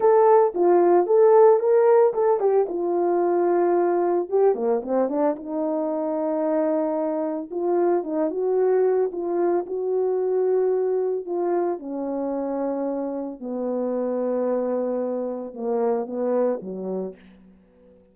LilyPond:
\new Staff \with { instrumentName = "horn" } { \time 4/4 \tempo 4 = 112 a'4 f'4 a'4 ais'4 | a'8 g'8 f'2. | g'8 ais8 c'8 d'8 dis'2~ | dis'2 f'4 dis'8 fis'8~ |
fis'4 f'4 fis'2~ | fis'4 f'4 cis'2~ | cis'4 b2.~ | b4 ais4 b4 fis4 | }